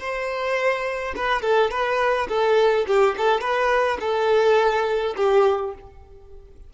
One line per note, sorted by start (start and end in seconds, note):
0.00 1.14 C5
1.16 1.42 B4
1.42 1.71 A4
1.71 2.28 B4
2.29 2.86 A4
2.87 3.16 G4
3.18 3.41 A4
3.41 3.98 B4
4.01 5.15 A4
5.17 5.74 G4